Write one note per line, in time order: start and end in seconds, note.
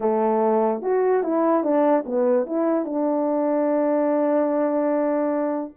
0.00 0.82 A3
0.82 1.23 F#4
1.23 1.63 E4
1.63 2.04 D4
2.05 2.46 B3
2.46 2.85 E4
2.85 5.73 D4